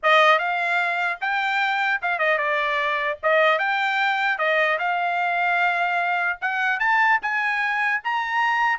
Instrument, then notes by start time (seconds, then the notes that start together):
trumpet
0.03 D#5
0.39 F5
1.21 G5
2.02 F5
2.18 D#5
2.38 D5
3.22 D#5
3.59 G5
4.38 D#5
4.79 F5
6.41 F#5
6.79 A5
7.21 G#5
8.03 A#5